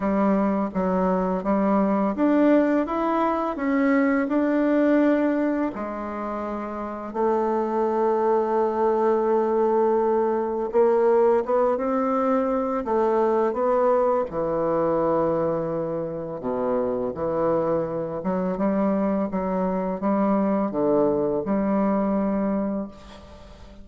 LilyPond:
\new Staff \with { instrumentName = "bassoon" } { \time 4/4 \tempo 4 = 84 g4 fis4 g4 d'4 | e'4 cis'4 d'2 | gis2 a2~ | a2. ais4 |
b8 c'4. a4 b4 | e2. b,4 | e4. fis8 g4 fis4 | g4 d4 g2 | }